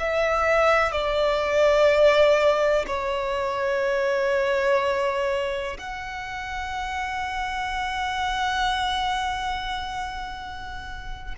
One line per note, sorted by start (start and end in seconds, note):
0.00 0.92 E5
0.92 2.86 D5
2.87 5.78 C#5
5.79 11.35 F#5